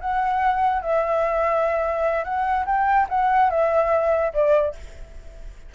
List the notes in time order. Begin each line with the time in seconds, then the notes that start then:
0.00 F#5
0.82 E5
2.24 F#5
2.66 G5
3.09 F#5
3.50 E5
4.33 D5